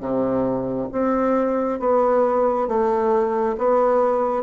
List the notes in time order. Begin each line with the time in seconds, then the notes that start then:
0.00 C3
0.92 C4
1.80 B3
2.68 A3
3.58 B3